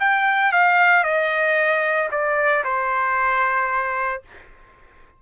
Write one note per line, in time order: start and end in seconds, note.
0.00 0.52 G5
0.52 1.04 F5
1.04 2.09 D#5
2.11 2.64 D5
2.64 4.22 C5